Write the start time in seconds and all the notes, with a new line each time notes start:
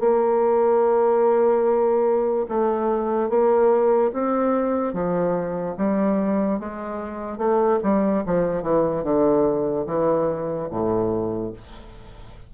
0.00 A#3
2.49 A3
3.30 A#3
4.13 C4
4.94 F3
5.78 G3
6.60 G#3
7.38 A3
7.83 G3
8.26 F3
8.63 E3
9.04 D3
9.87 E3
10.71 A2